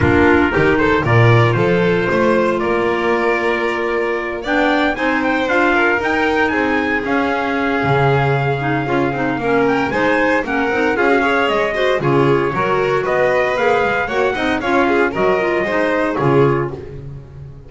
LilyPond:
<<
  \new Staff \with { instrumentName = "trumpet" } { \time 4/4 \tempo 4 = 115 ais'4. c''8 d''4 c''4~ | c''4 d''2.~ | d''8 g''4 gis''8 g''8 f''4 g''8~ | g''8 gis''4 f''2~ f''8~ |
f''2~ f''8 g''8 gis''4 | fis''4 f''4 dis''4 cis''4~ | cis''4 dis''4 f''4 fis''4 | f''4 dis''2 cis''4 | }
  \new Staff \with { instrumentName = "violin" } { \time 4/4 f'4 g'8 a'8 ais'4 a'4 | c''4 ais'2.~ | ais'8 d''4 c''4. ais'4~ | ais'8 gis'2.~ gis'8~ |
gis'2 ais'4 c''4 | ais'4 gis'8 cis''4 c''8 gis'4 | ais'4 b'2 cis''8 dis''8 | cis''8 gis'8 ais'4 c''4 gis'4 | }
  \new Staff \with { instrumentName = "clarinet" } { \time 4/4 d'4 dis'4 f'2~ | f'1~ | f'8 d'4 dis'4 f'4 dis'8~ | dis'4. cis'2~ cis'8~ |
cis'8 dis'8 f'8 dis'8 cis'4 dis'4 | cis'8 dis'8 f'16 fis'16 gis'4 fis'8 f'4 | fis'2 gis'4 fis'8 dis'8 | f'4 fis'8 f'8 dis'4 f'4 | }
  \new Staff \with { instrumentName = "double bass" } { \time 4/4 ais4 dis4 ais,4 f4 | a4 ais2.~ | ais8 b4 c'4 d'4 dis'8~ | dis'8 c'4 cis'4. cis4~ |
cis4 cis'8 c'8 ais4 gis4 | ais8 c'8 cis'4 gis4 cis4 | fis4 b4 ais8 gis8 ais8 c'8 | cis'4 fis4 gis4 cis4 | }
>>